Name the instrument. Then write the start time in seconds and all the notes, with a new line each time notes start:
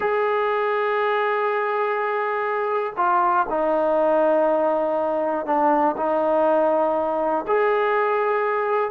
trombone
0.00 G#4
2.96 F4
3.49 D#4
5.45 D4
5.97 D#4
7.47 G#4